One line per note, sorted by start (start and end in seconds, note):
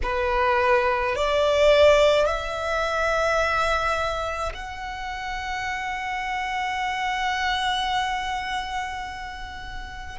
0.03 1.15 B4
1.15 2.26 D5
2.26 4.52 E5
4.53 10.18 F#5